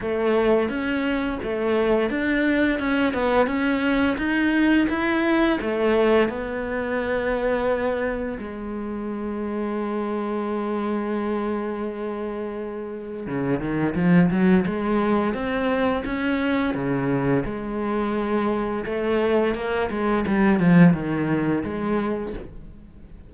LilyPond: \new Staff \with { instrumentName = "cello" } { \time 4/4 \tempo 4 = 86 a4 cis'4 a4 d'4 | cis'8 b8 cis'4 dis'4 e'4 | a4 b2. | gis1~ |
gis2. cis8 dis8 | f8 fis8 gis4 c'4 cis'4 | cis4 gis2 a4 | ais8 gis8 g8 f8 dis4 gis4 | }